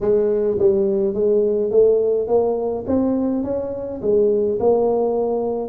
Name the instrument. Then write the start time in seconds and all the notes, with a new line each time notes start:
tuba
0.00 G#3
0.59 G3
1.14 G#3
1.70 A3
2.27 A#3
2.86 C4
3.43 C#4
4.01 G#3
4.59 A#3